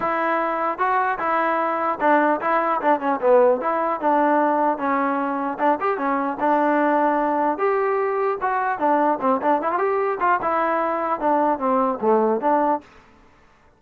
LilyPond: \new Staff \with { instrumentName = "trombone" } { \time 4/4 \tempo 4 = 150 e'2 fis'4 e'4~ | e'4 d'4 e'4 d'8 cis'8 | b4 e'4 d'2 | cis'2 d'8 g'8 cis'4 |
d'2. g'4~ | g'4 fis'4 d'4 c'8 d'8 | e'16 f'16 g'4 f'8 e'2 | d'4 c'4 a4 d'4 | }